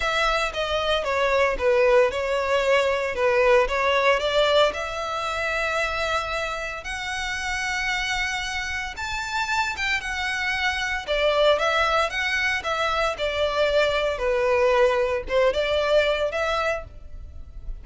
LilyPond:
\new Staff \with { instrumentName = "violin" } { \time 4/4 \tempo 4 = 114 e''4 dis''4 cis''4 b'4 | cis''2 b'4 cis''4 | d''4 e''2.~ | e''4 fis''2.~ |
fis''4 a''4. g''8 fis''4~ | fis''4 d''4 e''4 fis''4 | e''4 d''2 b'4~ | b'4 c''8 d''4. e''4 | }